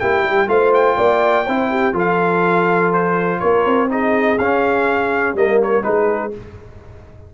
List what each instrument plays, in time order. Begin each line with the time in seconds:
0.00 tuba A#3, trombone E4, horn G4, trumpet G5
0.23 tuba G3
0.47 tuba A3, trombone F4, horn C5, trumpet F5
0.74 trumpet G5
0.96 tuba A#3, horn D5
1.45 tuba C4, trombone E4, horn C5
1.70 horn G4
1.93 tuba F3, trombone F4, horn A4, trumpet F5
2.93 trumpet C5
3.40 tuba A#3, horn A#4, trumpet C#5
3.65 tuba C4
3.89 trombone D#4, horn G#4, trumpet D#5
4.38 tuba C#4, trombone C#4, trumpet F5
5.34 tuba G3, trombone A#3, horn A#4, trumpet D#5
5.62 trumpet C#5
5.82 tuba G#3, trombone D#4, horn G#4, trumpet B4